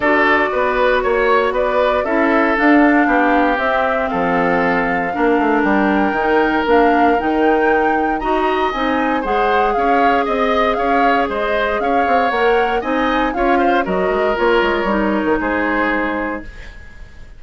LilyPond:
<<
  \new Staff \with { instrumentName = "flute" } { \time 4/4 \tempo 4 = 117 d''2 cis''4 d''4 | e''4 f''2 e''4 | f''2. g''4~ | g''4 f''4 g''2 |
ais''4 gis''4 fis''4 f''4 | dis''4 f''4 dis''4 f''4 | fis''4 gis''4 f''4 dis''4 | cis''2 c''2 | }
  \new Staff \with { instrumentName = "oboe" } { \time 4/4 a'4 b'4 cis''4 b'4 | a'2 g'2 | a'2 ais'2~ | ais'1 |
dis''2 c''4 cis''4 | dis''4 cis''4 c''4 cis''4~ | cis''4 dis''4 cis''8 c''8 ais'4~ | ais'2 gis'2 | }
  \new Staff \with { instrumentName = "clarinet" } { \time 4/4 fis'1 | e'4 d'2 c'4~ | c'2 d'2 | dis'4 d'4 dis'2 |
fis'4 dis'4 gis'2~ | gis'1 | ais'4 dis'4 f'4 fis'4 | f'4 dis'2. | }
  \new Staff \with { instrumentName = "bassoon" } { \time 4/4 d'4 b4 ais4 b4 | cis'4 d'4 b4 c'4 | f2 ais8 a8 g4 | dis4 ais4 dis2 |
dis'4 c'4 gis4 cis'4 | c'4 cis'4 gis4 cis'8 c'8 | ais4 c'4 cis'4 fis8 gis8 | ais8 gis8 g8. dis16 gis2 | }
>>